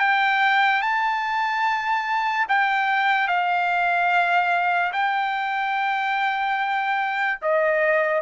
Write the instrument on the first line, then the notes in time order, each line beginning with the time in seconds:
trumpet
0.00 G5
0.82 A5
2.49 G5
3.28 F5
4.93 G5
7.42 D#5